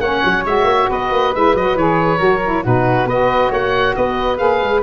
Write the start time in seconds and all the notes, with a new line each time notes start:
0.00 A#3 C#4 C#5 F#5
0.25 F#3
0.46 G#3 F#4 E5
0.64 A#3
0.90 B3 B4 D#5
1.11 A#3
1.34 G#3 E4 E5
1.54 F#3 F#4 D#5
1.75 E3 G#4 C#5
2.18 F#3 F#4 A#4
2.44 E4
2.63 B2 D#4 F#4 B4
3.05 B3 F#4 B4 D#5
3.50 A#3 C#5 F#5
3.96 B3 B4 D#5
4.37 A#3 G#4 F5
4.62 G#3